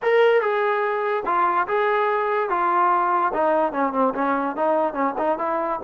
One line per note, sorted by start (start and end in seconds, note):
0.02 0.41 A#4
0.41 1.23 G#4
1.25 1.67 F4
1.67 2.49 G#4
2.49 3.32 F4
3.33 3.72 D#4
3.72 3.93 C#4
3.93 4.13 C4
4.14 4.56 C#4
4.56 4.93 D#4
4.93 5.14 C#4
5.18 5.38 D#4
5.38 5.79 E4